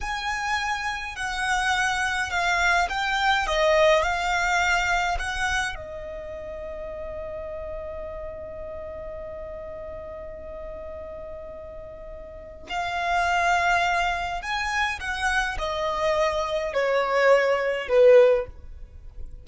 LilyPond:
\new Staff \with { instrumentName = "violin" } { \time 4/4 \tempo 4 = 104 gis''2 fis''2 | f''4 g''4 dis''4 f''4~ | f''4 fis''4 dis''2~ | dis''1~ |
dis''1~ | dis''2 f''2~ | f''4 gis''4 fis''4 dis''4~ | dis''4 cis''2 b'4 | }